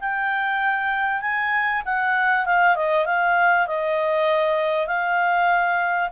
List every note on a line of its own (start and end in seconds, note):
0.00 1.21 G5
1.21 1.82 G#5
1.85 2.45 F#5
2.45 2.76 F5
2.76 3.05 D#5
3.05 3.67 F5
3.67 4.87 D#5
4.87 6.09 F5